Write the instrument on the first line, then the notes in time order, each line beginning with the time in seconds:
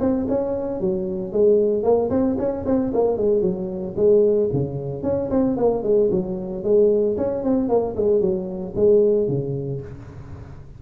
tuba
0.00 C4
0.28 C#4
0.81 F#3
1.32 G#3
1.83 A#3
2.10 C4
2.38 C#4
2.66 C4
2.94 A#3
3.17 G#3
3.42 F#3
3.96 G#3
4.53 C#3
5.03 C#4
5.30 C4
5.57 A#3
5.83 G#3
6.11 F#3
6.64 G#3
7.17 C#4
7.44 C4
7.69 A#3
7.96 G#3
8.21 F#3
8.76 G#3
9.28 C#3